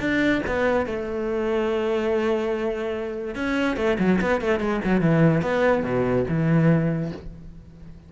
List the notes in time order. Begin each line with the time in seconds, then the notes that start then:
0.00 D4
0.47 B3
0.87 A3
3.35 C#4
3.77 A3
4.00 F#3
4.21 B3
4.41 A3
4.60 G#3
4.85 F#3
5.01 E3
5.42 B3
5.84 B2
6.29 E3